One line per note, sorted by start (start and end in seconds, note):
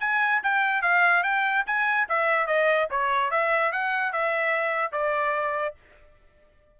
0.00 0.41 G#5
0.43 0.82 G5
0.82 1.23 F5
1.23 1.64 G5
1.66 2.08 G#5
2.09 2.47 E5
2.47 2.88 D#5
2.90 3.30 C#5
3.30 3.72 E5
3.72 4.12 F#5
4.12 4.92 E5
4.92 5.75 D5